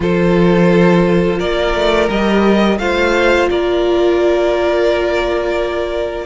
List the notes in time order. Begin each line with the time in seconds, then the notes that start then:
0.00 F3 F4 A4 C5
1.39 A#3 A#4 D5
1.74 A3
2.09 G3 G4 D#5
2.78 A3 F4 C5 F5
3.50 A#3 A#4 D5